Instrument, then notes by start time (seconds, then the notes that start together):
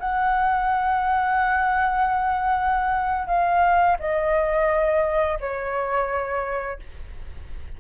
flute
0.00 F#5
3.28 F5
4.00 D#5
5.40 C#5